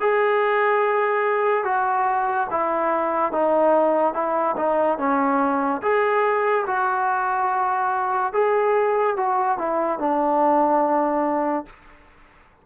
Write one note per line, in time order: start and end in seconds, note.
0.00 1.64 G#4
1.64 2.47 F#4
2.50 3.32 E4
3.32 4.14 D#4
4.14 4.55 E4
4.56 4.98 D#4
4.98 5.81 C#4
5.82 6.65 G#4
6.67 8.33 F#4
8.33 9.16 G#4
9.16 9.58 F#4
9.58 9.99 E4
9.99 11.66 D4